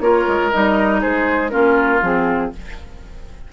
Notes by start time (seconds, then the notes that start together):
0.00 A#3 F4 A#4 C#5
0.27 G#3
0.51 G3 D#4 D#5
1.01 G#3 G#4 C5
1.49 A#3 C#4 F4 A#4
2.02 F3 C4 G#4